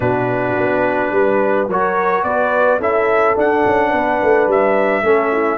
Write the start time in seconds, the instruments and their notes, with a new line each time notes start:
0.00 tuba B2, trombone D4, horn F#4, trumpet B4
0.56 tuba B3
1.11 tuba G3, horn B4
1.68 tuba F#3, trombone F#4, horn A#4, trumpet C#5
2.23 tuba B3, horn B4, trumpet D5
2.79 tuba C#4, trombone E4, horn A4, trumpet E5
3.35 trombone D4, tuba D4, trumpet F#5
3.66 tuba C#4
3.90 tuba B3, horn B4
4.22 tuba A3
4.47 tuba G3, trumpet E5
5.02 tuba A3, trombone C#4, horn A4
5.32 horn E4